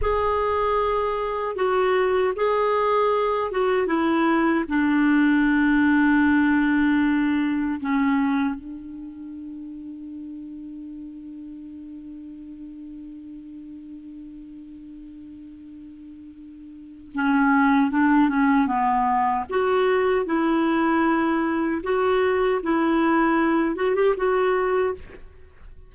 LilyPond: \new Staff \with { instrumentName = "clarinet" } { \time 4/4 \tempo 4 = 77 gis'2 fis'4 gis'4~ | gis'8 fis'8 e'4 d'2~ | d'2 cis'4 d'4~ | d'1~ |
d'1~ | d'2 cis'4 d'8 cis'8 | b4 fis'4 e'2 | fis'4 e'4. fis'16 g'16 fis'4 | }